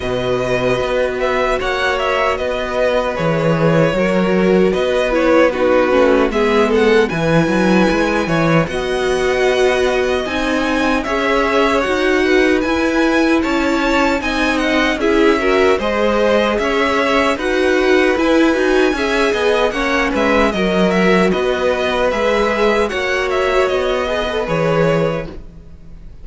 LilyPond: <<
  \new Staff \with { instrumentName = "violin" } { \time 4/4 \tempo 4 = 76 dis''4. e''8 fis''8 e''8 dis''4 | cis''2 dis''8 cis''8 b'4 | e''8 fis''8 gis''2 fis''4~ | fis''4 gis''4 e''4 fis''4 |
gis''4 a''4 gis''8 fis''8 e''4 | dis''4 e''4 fis''4 gis''4~ | gis''4 fis''8 e''8 dis''8 e''8 dis''4 | e''4 fis''8 e''8 dis''4 cis''4 | }
  \new Staff \with { instrumentName = "violin" } { \time 4/4 b'2 cis''4 b'4~ | b'4 ais'4 b'4 fis'4 | gis'8 a'8 b'4. cis''8 dis''4~ | dis''2 cis''4. b'8~ |
b'4 cis''4 dis''4 gis'8 ais'8 | c''4 cis''4 b'2 | e''8 dis''8 cis''8 b'8 ais'4 b'4~ | b'4 cis''4. b'4. | }
  \new Staff \with { instrumentName = "viola" } { \time 4/4 fis'1 | gis'4 fis'4. e'8 dis'8 cis'8 | b4 e'2 fis'4~ | fis'4 dis'4 gis'4 fis'4 |
e'2 dis'4 e'8 fis'8 | gis'2 fis'4 e'8 fis'8 | gis'4 cis'4 fis'2 | gis'4 fis'4. gis'16 a'16 gis'4 | }
  \new Staff \with { instrumentName = "cello" } { \time 4/4 b,4 b4 ais4 b4 | e4 fis4 b4. a8 | gis4 e8 fis8 gis8 e8 b4~ | b4 c'4 cis'4 dis'4 |
e'4 cis'4 c'4 cis'4 | gis4 cis'4 dis'4 e'8 dis'8 | cis'8 b8 ais8 gis8 fis4 b4 | gis4 ais4 b4 e4 | }
>>